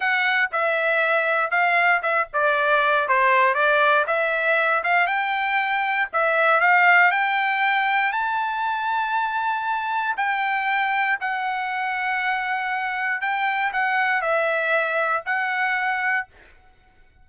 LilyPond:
\new Staff \with { instrumentName = "trumpet" } { \time 4/4 \tempo 4 = 118 fis''4 e''2 f''4 | e''8 d''4. c''4 d''4 | e''4. f''8 g''2 | e''4 f''4 g''2 |
a''1 | g''2 fis''2~ | fis''2 g''4 fis''4 | e''2 fis''2 | }